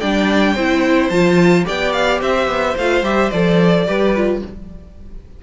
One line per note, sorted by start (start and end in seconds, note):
0.00 0.56 G3
0.00 0.57 D4
0.00 0.55 D5
0.00 1.10 G5
0.55 1.10 C4
0.55 1.12 E4
0.55 1.65 C5
1.10 1.65 F3
1.10 1.65 F4
1.10 1.65 A5
1.65 2.21 B3
1.65 2.75 G4
1.65 2.21 D5
1.65 1.93 G5
1.93 2.20 F5
2.21 2.47 C4
2.21 3.86 C5
2.21 2.77 E5
2.47 2.75 B3
2.77 3.02 A3
2.77 3.04 F4
2.77 3.05 F5
3.02 3.30 G3
3.02 3.31 G4
3.02 3.31 E5
3.31 3.87 F3
3.31 3.87 A4
3.31 4.41 D5
3.87 4.42 G3
3.87 4.15 G4
3.87 4.42 B4
4.16 4.43 F4